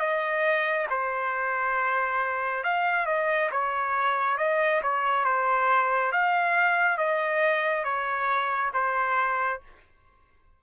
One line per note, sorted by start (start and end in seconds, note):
0.00 0.87 D#5
0.91 2.64 C5
2.64 3.06 F5
3.06 3.50 D#5
3.52 4.38 C#5
4.38 4.81 D#5
4.83 5.25 C#5
5.25 6.12 C5
6.12 6.98 F5
6.98 7.84 D#5
7.84 8.71 C#5
8.74 9.61 C5